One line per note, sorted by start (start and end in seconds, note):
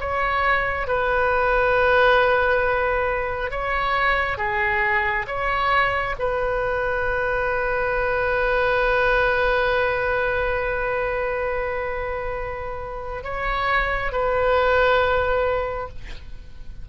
0.00 0.87 C#5
0.87 3.51 B4
3.51 4.38 C#5
4.38 5.26 G#4
5.27 6.16 C#5
6.19 13.24 B4
13.24 14.12 C#5
14.12 15.89 B4